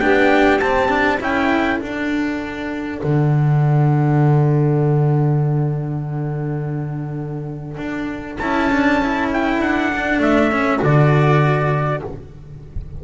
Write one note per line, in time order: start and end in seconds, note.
0.00 0.61 B3
0.00 0.61 D4
0.00 1.21 G4
0.00 0.60 G5
0.60 1.21 C4
0.60 0.89 C4
0.60 1.21 A5
0.89 1.19 D4
1.21 1.81 C#4
1.21 1.79 E4
1.21 12.01 A4
1.21 1.81 G5
1.79 8.39 D4
1.79 3.02 D4
1.79 8.39 F#5
3.04 7.78 D3
7.78 8.38 D4
8.39 9.59 C#4
8.39 8.72 E4
8.39 9.29 A5
8.72 9.02 D4
9.03 9.93 E4
9.33 9.62 G5
9.59 10.19 D4
9.59 10.22 F#5
9.93 10.52 D4
10.19 10.79 A3
10.19 10.83 E5
10.52 10.79 C#4
10.79 12.03 D3
10.79 12.00 F#4
10.79 12.04 D5